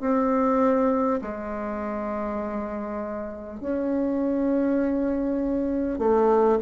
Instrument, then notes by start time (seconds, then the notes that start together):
bassoon
0.00 C4
1.21 G#3
3.60 C#4
5.98 A3